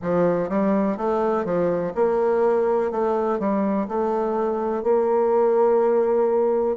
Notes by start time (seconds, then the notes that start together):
0.02 F3
0.49 G3
0.97 A3
1.44 F3
1.94 A#3
2.91 A3
3.39 G3
3.88 A3
4.83 A#3